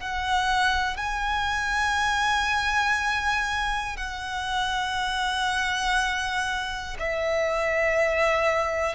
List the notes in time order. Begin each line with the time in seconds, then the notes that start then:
0.00 F#5
0.97 G#5
3.97 F#5
7.00 E5